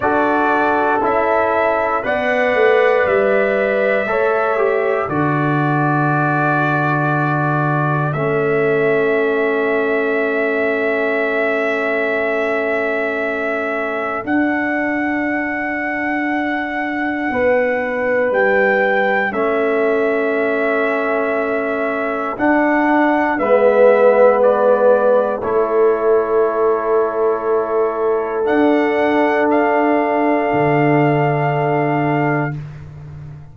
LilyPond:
<<
  \new Staff \with { instrumentName = "trumpet" } { \time 4/4 \tempo 4 = 59 d''4 e''4 fis''4 e''4~ | e''4 d''2. | e''1~ | e''2 fis''2~ |
fis''2 g''4 e''4~ | e''2 fis''4 e''4 | d''4 cis''2. | fis''4 f''2. | }
  \new Staff \with { instrumentName = "horn" } { \time 4/4 a'2 d''2 | cis''4 a'2.~ | a'1~ | a'1~ |
a'4 b'2 a'4~ | a'2. b'4~ | b'4 a'2.~ | a'1 | }
  \new Staff \with { instrumentName = "trombone" } { \time 4/4 fis'4 e'4 b'2 | a'8 g'8 fis'2. | cis'1~ | cis'2 d'2~ |
d'2. cis'4~ | cis'2 d'4 b4~ | b4 e'2. | d'1 | }
  \new Staff \with { instrumentName = "tuba" } { \time 4/4 d'4 cis'4 b8 a8 g4 | a4 d2. | a1~ | a2 d'2~ |
d'4 b4 g4 a4~ | a2 d'4 gis4~ | gis4 a2. | d'2 d2 | }
>>